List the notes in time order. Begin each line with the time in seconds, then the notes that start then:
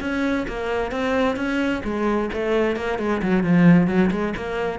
0.00 C#4
0.47 A#3
0.91 C4
1.36 C#4
1.84 G#3
2.33 A3
2.76 A#3
2.98 G#3
3.22 F#3
3.43 F3
3.87 F#3
4.11 G#3
4.36 A#3